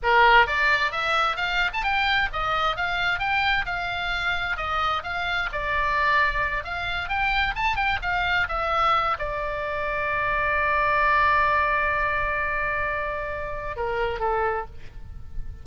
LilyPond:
\new Staff \with { instrumentName = "oboe" } { \time 4/4 \tempo 4 = 131 ais'4 d''4 e''4 f''8. a''16 | g''4 dis''4 f''4 g''4 | f''2 dis''4 f''4 | d''2~ d''8 f''4 g''8~ |
g''8 a''8 g''8 f''4 e''4. | d''1~ | d''1~ | d''2 ais'4 a'4 | }